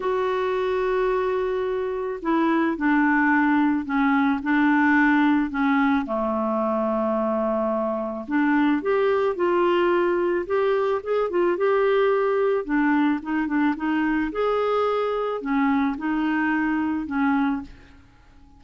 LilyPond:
\new Staff \with { instrumentName = "clarinet" } { \time 4/4 \tempo 4 = 109 fis'1 | e'4 d'2 cis'4 | d'2 cis'4 a4~ | a2. d'4 |
g'4 f'2 g'4 | gis'8 f'8 g'2 d'4 | dis'8 d'8 dis'4 gis'2 | cis'4 dis'2 cis'4 | }